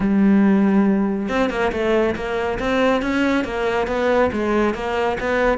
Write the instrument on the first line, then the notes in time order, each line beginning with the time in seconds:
cello
0.00 G3
1.28 C4
1.50 A#3
1.72 A3
2.15 A#3
2.59 C4
3.02 C#4
3.44 A#3
3.87 B3
4.32 G#3
4.74 A#3
5.20 B3